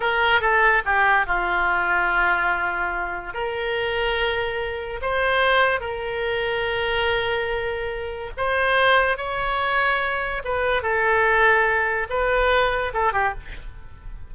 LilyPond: \new Staff \with { instrumentName = "oboe" } { \time 4/4 \tempo 4 = 144 ais'4 a'4 g'4 f'4~ | f'1 | ais'1 | c''2 ais'2~ |
ais'1 | c''2 cis''2~ | cis''4 b'4 a'2~ | a'4 b'2 a'8 g'8 | }